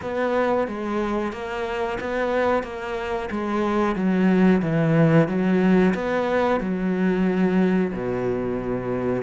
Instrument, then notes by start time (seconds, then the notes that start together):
cello
0.01 B3
0.67 G#3
1.32 A#3
2.00 B3
2.63 A#3
3.30 G#3
3.95 F#3
4.62 E3
5.27 F#3
5.94 B3
6.60 F#3
7.93 B2